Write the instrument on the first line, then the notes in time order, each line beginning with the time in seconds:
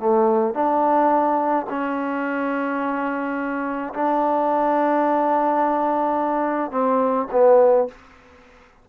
trombone
0.00 A3
0.55 D4
1.70 C#4
3.95 D4
6.71 C4
7.32 B3